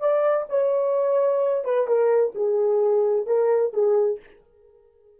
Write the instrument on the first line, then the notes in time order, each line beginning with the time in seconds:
horn
0.00 D5
0.49 C#5
1.64 B4
1.87 A#4
2.35 G#4
3.27 A#4
3.73 G#4